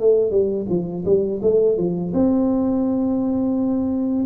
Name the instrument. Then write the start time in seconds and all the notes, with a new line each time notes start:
tuba
0.00 A3
0.31 G3
0.69 F3
1.05 G3
1.42 A3
1.77 F3
2.14 C4